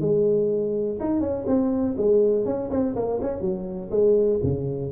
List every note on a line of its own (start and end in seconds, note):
0.00 0.98 G#3
0.99 1.20 D#4
1.20 1.45 C#4
1.47 1.96 C4
1.97 2.45 G#3
2.45 2.69 C#4
2.70 2.95 C4
2.95 3.20 A#3
3.21 3.40 C#4
3.40 3.89 F#3
3.91 4.40 G#3
4.42 4.92 C#3